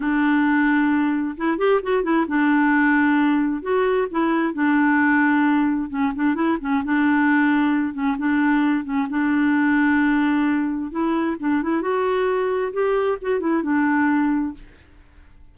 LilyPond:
\new Staff \with { instrumentName = "clarinet" } { \time 4/4 \tempo 4 = 132 d'2. e'8 g'8 | fis'8 e'8 d'2. | fis'4 e'4 d'2~ | d'4 cis'8 d'8 e'8 cis'8 d'4~ |
d'4. cis'8 d'4. cis'8 | d'1 | e'4 d'8 e'8 fis'2 | g'4 fis'8 e'8 d'2 | }